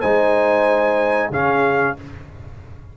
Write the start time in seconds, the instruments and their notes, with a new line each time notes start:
0.00 tuba G#3, trombone D#4, horn C5, trumpet G#5
1.30 tuba C#3, trombone C#4, horn G#4, trumpet F5